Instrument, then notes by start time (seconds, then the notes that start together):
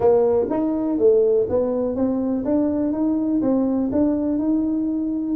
tuba
0.00 A#3
0.50 D#4
0.98 A3
1.49 B3
1.95 C4
2.44 D4
2.92 D#4
3.41 C4
3.92 D4
4.38 D#4